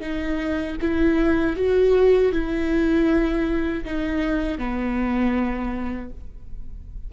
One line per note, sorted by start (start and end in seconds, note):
0.00 0.76 D#4
0.81 1.56 E4
1.56 2.32 F#4
2.32 3.84 E4
3.85 4.58 D#4
4.58 6.10 B3